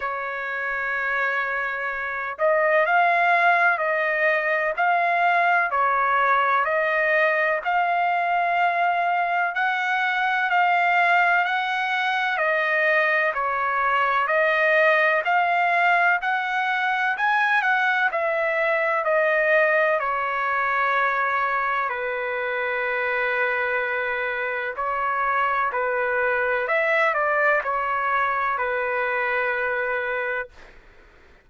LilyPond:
\new Staff \with { instrumentName = "trumpet" } { \time 4/4 \tempo 4 = 63 cis''2~ cis''8 dis''8 f''4 | dis''4 f''4 cis''4 dis''4 | f''2 fis''4 f''4 | fis''4 dis''4 cis''4 dis''4 |
f''4 fis''4 gis''8 fis''8 e''4 | dis''4 cis''2 b'4~ | b'2 cis''4 b'4 | e''8 d''8 cis''4 b'2 | }